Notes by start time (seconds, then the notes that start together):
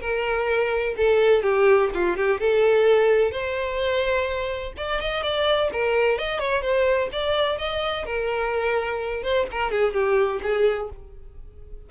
0.00 A#4
0.97 A4
1.42 G4
1.93 F4
2.16 G4
2.40 A4
3.31 C5
4.77 D5
5.00 D#5
5.22 D5
5.72 A#4
6.18 D#5
6.39 C#5
6.61 C5
7.12 D5
7.58 D#5
8.05 A#4
9.23 C5
9.51 A#4
9.71 G#4
9.93 G4
10.42 G#4